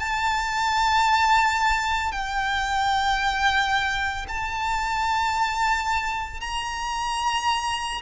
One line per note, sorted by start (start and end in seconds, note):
0.00 2.12 A5
2.12 4.27 G5
4.29 6.41 A5
6.41 8.02 A#5